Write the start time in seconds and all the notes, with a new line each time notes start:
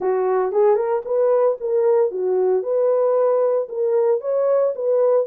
0.00 F#4
0.51 G#4
0.75 A#4
1.05 B4
1.60 A#4
2.11 F#4
2.62 B4
3.68 A#4
4.20 C#5
4.75 B4